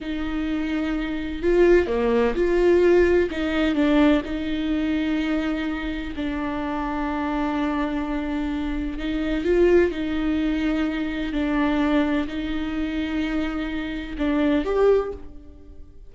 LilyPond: \new Staff \with { instrumentName = "viola" } { \time 4/4 \tempo 4 = 127 dis'2. f'4 | ais4 f'2 dis'4 | d'4 dis'2.~ | dis'4 d'2.~ |
d'2. dis'4 | f'4 dis'2. | d'2 dis'2~ | dis'2 d'4 g'4 | }